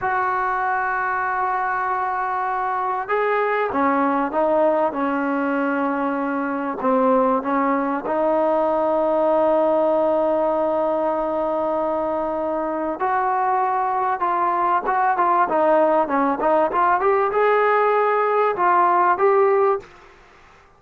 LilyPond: \new Staff \with { instrumentName = "trombone" } { \time 4/4 \tempo 4 = 97 fis'1~ | fis'4 gis'4 cis'4 dis'4 | cis'2. c'4 | cis'4 dis'2.~ |
dis'1~ | dis'4 fis'2 f'4 | fis'8 f'8 dis'4 cis'8 dis'8 f'8 g'8 | gis'2 f'4 g'4 | }